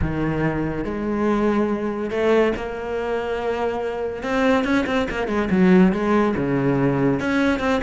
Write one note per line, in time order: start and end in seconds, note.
0.01 0.84 D#3
0.84 2.10 G#3
2.10 2.52 A3
2.56 4.23 A#3
4.23 4.64 C4
4.64 4.85 C#4
4.86 5.07 C4
5.10 5.27 A#3
5.27 5.49 G#3
5.50 5.92 F#3
5.92 6.34 G#3
6.36 7.19 C#3
7.19 7.59 C#4
7.59 7.80 C4